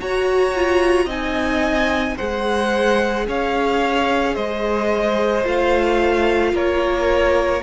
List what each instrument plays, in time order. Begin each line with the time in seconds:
0.00 viola F#4, cello F#4, violin C#5 A#5
0.55 viola F4
1.06 cello C4, viola D#4, violin D#5 G#5
2.17 cello G#3, viola G#4, violin C5 F#5
3.28 cello C#4, violin C#5 F5
4.35 cello G#3, violin C5 D#5
5.44 cello A3, viola F4, violin F5
6.53 cello A#3, violin A#4 C#5